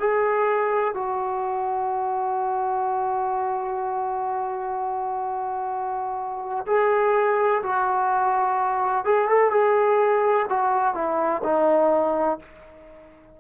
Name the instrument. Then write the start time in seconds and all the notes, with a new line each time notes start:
trombone
0.00 G#4
0.94 F#4
6.67 G#4
7.63 F#4
9.05 G#4
9.29 A4
9.51 G#4
10.49 F#4
10.94 E4
11.44 D#4